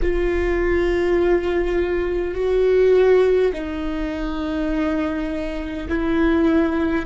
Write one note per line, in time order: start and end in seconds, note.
0.02 2.34 F4
2.34 3.51 F#4
3.52 5.88 D#4
5.88 7.05 E4